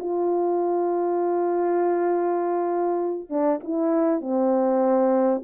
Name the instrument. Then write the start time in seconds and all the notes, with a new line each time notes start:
horn
0.00 F4
3.30 D4
3.64 E4
4.21 C4